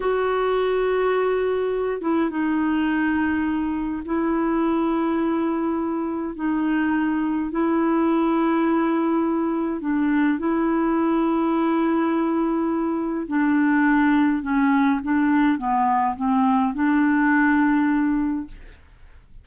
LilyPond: \new Staff \with { instrumentName = "clarinet" } { \time 4/4 \tempo 4 = 104 fis'2.~ fis'8 e'8 | dis'2. e'4~ | e'2. dis'4~ | dis'4 e'2.~ |
e'4 d'4 e'2~ | e'2. d'4~ | d'4 cis'4 d'4 b4 | c'4 d'2. | }